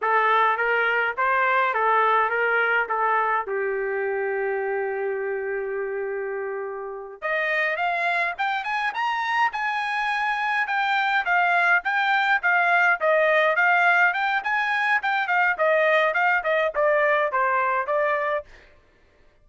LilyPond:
\new Staff \with { instrumentName = "trumpet" } { \time 4/4 \tempo 4 = 104 a'4 ais'4 c''4 a'4 | ais'4 a'4 g'2~ | g'1~ | g'8 dis''4 f''4 g''8 gis''8 ais''8~ |
ais''8 gis''2 g''4 f''8~ | f''8 g''4 f''4 dis''4 f''8~ | f''8 g''8 gis''4 g''8 f''8 dis''4 | f''8 dis''8 d''4 c''4 d''4 | }